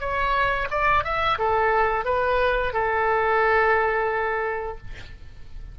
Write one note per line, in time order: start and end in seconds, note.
0.00 0.68 C#5
0.70 1.04 D5
1.04 1.38 E5
1.39 2.05 A4
2.05 2.73 B4
2.73 4.78 A4